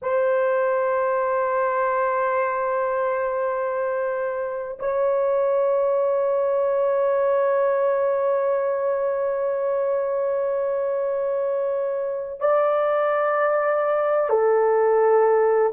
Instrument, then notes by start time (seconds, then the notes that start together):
horn
0.02 C5
4.79 C#5
12.39 D5
14.29 A4